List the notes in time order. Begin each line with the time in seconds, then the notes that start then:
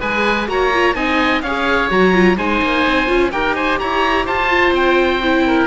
0.00 G#3 G#4 B4 G#5
0.47 A#3 F#4 C#5 A#5
0.74 F4
0.95 C4 D#4 D#5 G#5
1.42 C#4 G#4 C#5 F5
1.90 F#3 F#4 A#5
2.13 F4
2.37 G#3 D#4 C5 G#5
2.62 A#3
2.87 C4
3.07 C#4 F4
3.32 D#4 G4 A#4 G5
3.55 C5 G#5
3.79 E4 C#5 A#5
4.25 F4 C5 A5
4.49 F4
4.71 C4 G5
5.23 E4
5.46 A#4